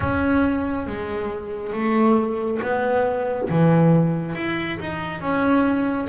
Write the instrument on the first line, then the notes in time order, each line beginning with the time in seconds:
double bass
0.00 C#4
0.86 G#3
1.72 A3
2.61 B3
3.49 E3
4.35 E4
4.79 D#4
5.21 C#4